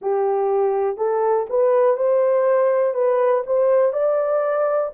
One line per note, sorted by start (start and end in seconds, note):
0.01 0.97 G4
0.97 1.46 A4
1.49 1.97 B4
1.97 2.93 C5
2.93 3.42 B4
3.46 3.93 C5
3.93 4.91 D5